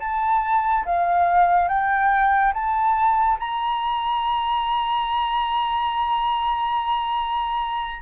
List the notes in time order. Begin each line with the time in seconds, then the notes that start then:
0.00 A5
0.85 F5
1.68 G5
2.54 A5
3.40 A#5